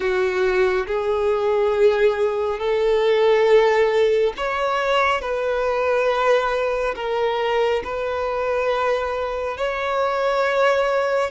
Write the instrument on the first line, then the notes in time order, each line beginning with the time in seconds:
violin
0.00 F#4
0.87 G#4
2.59 A4
4.36 C#5
5.21 B4
6.95 A#4
7.84 B4
9.57 C#5